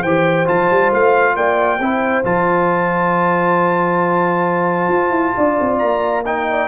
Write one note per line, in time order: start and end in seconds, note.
0.00 0.47 E3
0.00 0.45 G4
0.00 1.33 C5
0.00 0.47 G5
0.45 0.70 F3
0.45 1.79 F4
0.45 0.92 A5
0.70 0.91 G3
0.91 1.35 A3
0.91 1.36 F5
1.35 1.79 A#3
1.35 1.80 D5
1.35 2.24 G5
1.79 2.23 C4
1.79 2.24 E4
1.79 5.36 C5
2.24 4.88 F3
2.24 6.24 F4
2.24 5.78 A5
4.88 5.10 F4
5.10 5.32 E4
5.36 5.59 D4
5.36 6.25 D5
5.60 5.82 C4
5.78 6.68 A#3
5.78 6.23 A#5
6.25 6.68 D#4
6.25 6.49 D#5
6.25 6.68 G5
6.50 6.68 D5